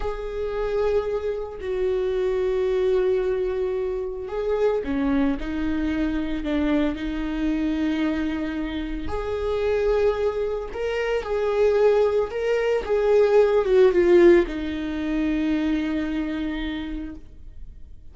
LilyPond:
\new Staff \with { instrumentName = "viola" } { \time 4/4 \tempo 4 = 112 gis'2. fis'4~ | fis'1 | gis'4 cis'4 dis'2 | d'4 dis'2.~ |
dis'4 gis'2. | ais'4 gis'2 ais'4 | gis'4. fis'8 f'4 dis'4~ | dis'1 | }